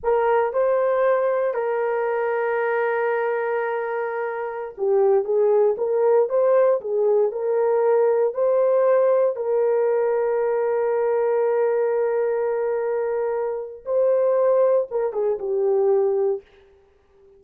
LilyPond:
\new Staff \with { instrumentName = "horn" } { \time 4/4 \tempo 4 = 117 ais'4 c''2 ais'4~ | ais'1~ | ais'4~ ais'16 g'4 gis'4 ais'8.~ | ais'16 c''4 gis'4 ais'4.~ ais'16~ |
ais'16 c''2 ais'4.~ ais'16~ | ais'1~ | ais'2. c''4~ | c''4 ais'8 gis'8 g'2 | }